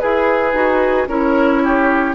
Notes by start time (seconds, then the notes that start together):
0.00 E4 G#4 B4
0.54 D#4 F#4
1.08 C#4 E4 A#4 C#5
1.65 G4